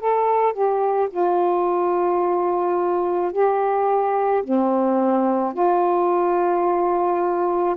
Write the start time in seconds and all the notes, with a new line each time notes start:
0.00 A4
0.54 G4
1.11 F4
3.33 G4
4.44 C4
5.54 F4